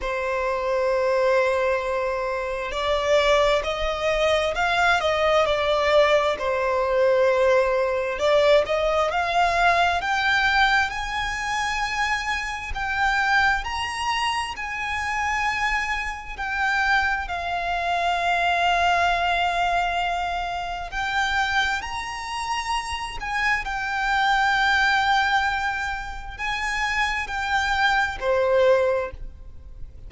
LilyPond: \new Staff \with { instrumentName = "violin" } { \time 4/4 \tempo 4 = 66 c''2. d''4 | dis''4 f''8 dis''8 d''4 c''4~ | c''4 d''8 dis''8 f''4 g''4 | gis''2 g''4 ais''4 |
gis''2 g''4 f''4~ | f''2. g''4 | ais''4. gis''8 g''2~ | g''4 gis''4 g''4 c''4 | }